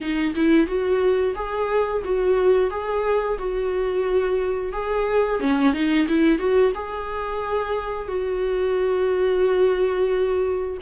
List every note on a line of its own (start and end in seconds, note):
0.00 0.34 D#4
0.35 0.66 E4
0.66 1.34 F#4
1.35 2.02 G#4
2.04 2.70 F#4
2.70 3.37 G#4
3.38 4.72 F#4
4.72 5.40 G#4
5.40 5.73 C#4
5.73 6.06 D#4
6.07 6.39 E4
6.39 6.72 F#4
6.74 8.07 G#4
8.07 10.77 F#4